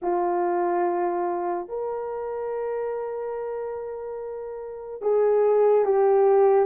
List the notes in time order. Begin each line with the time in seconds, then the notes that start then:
0.02 F4
1.68 A#4
5.01 G#4
5.84 G4